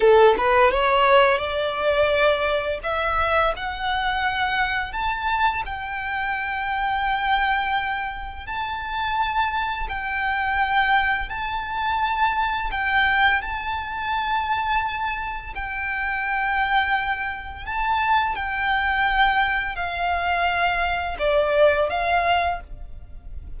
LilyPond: \new Staff \with { instrumentName = "violin" } { \time 4/4 \tempo 4 = 85 a'8 b'8 cis''4 d''2 | e''4 fis''2 a''4 | g''1 | a''2 g''2 |
a''2 g''4 a''4~ | a''2 g''2~ | g''4 a''4 g''2 | f''2 d''4 f''4 | }